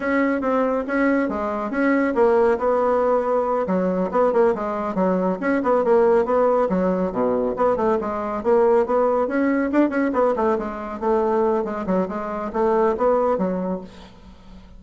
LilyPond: \new Staff \with { instrumentName = "bassoon" } { \time 4/4 \tempo 4 = 139 cis'4 c'4 cis'4 gis4 | cis'4 ais4 b2~ | b8 fis4 b8 ais8 gis4 fis8~ | fis8 cis'8 b8 ais4 b4 fis8~ |
fis8 b,4 b8 a8 gis4 ais8~ | ais8 b4 cis'4 d'8 cis'8 b8 | a8 gis4 a4. gis8 fis8 | gis4 a4 b4 fis4 | }